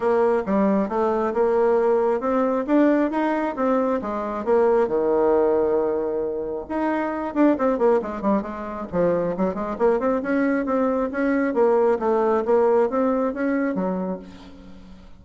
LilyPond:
\new Staff \with { instrumentName = "bassoon" } { \time 4/4 \tempo 4 = 135 ais4 g4 a4 ais4~ | ais4 c'4 d'4 dis'4 | c'4 gis4 ais4 dis4~ | dis2. dis'4~ |
dis'8 d'8 c'8 ais8 gis8 g8 gis4 | f4 fis8 gis8 ais8 c'8 cis'4 | c'4 cis'4 ais4 a4 | ais4 c'4 cis'4 fis4 | }